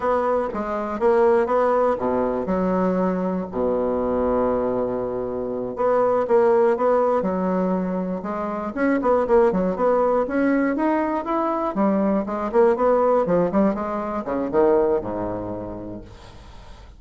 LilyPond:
\new Staff \with { instrumentName = "bassoon" } { \time 4/4 \tempo 4 = 120 b4 gis4 ais4 b4 | b,4 fis2 b,4~ | b,2.~ b,8 b8~ | b8 ais4 b4 fis4.~ |
fis8 gis4 cis'8 b8 ais8 fis8 b8~ | b8 cis'4 dis'4 e'4 g8~ | g8 gis8 ais8 b4 f8 g8 gis8~ | gis8 cis8 dis4 gis,2 | }